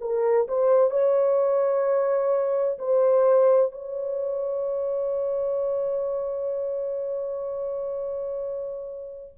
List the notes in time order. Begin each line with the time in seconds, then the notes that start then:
0.00 A#4
0.47 C5
0.90 C#5
2.78 C5
3.71 C#5